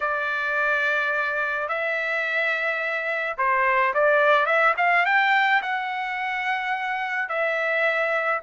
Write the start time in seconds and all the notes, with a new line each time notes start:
0.00 D5
1.68 E5
3.37 C5
3.94 D5
4.46 E5
4.77 F5
5.05 G5
5.62 F#5
7.28 E5